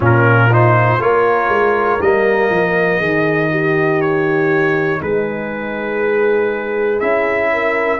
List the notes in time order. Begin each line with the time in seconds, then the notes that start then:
0.00 A#2 C#4 F4 A#4
0.50 D#4 C5
0.99 A#3 F4 A#4 C#5
1.49 G#3
2.01 G3 A#3 D#5
2.50 F3
2.98 D#3 D#4 G#4
3.50 G4
4.01 C#5
5.01 G#3 G#4 B4
7.00 C#4 E4 E5
7.52 A#4